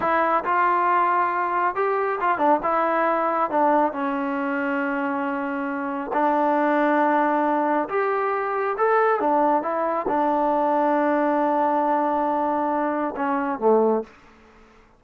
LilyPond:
\new Staff \with { instrumentName = "trombone" } { \time 4/4 \tempo 4 = 137 e'4 f'2. | g'4 f'8 d'8 e'2 | d'4 cis'2.~ | cis'2 d'2~ |
d'2 g'2 | a'4 d'4 e'4 d'4~ | d'1~ | d'2 cis'4 a4 | }